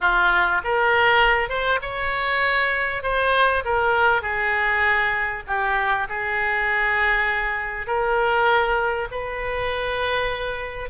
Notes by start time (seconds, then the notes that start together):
0.01 F4
0.64 A#4
1.49 C5
1.81 C#5
3.02 C5
3.64 A#4
4.21 G#4
5.47 G4
6.08 G#4
7.86 A#4
9.11 B4